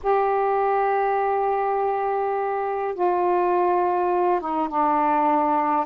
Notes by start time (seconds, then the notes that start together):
0.02 G4
2.94 F4
4.40 D#4
4.68 D4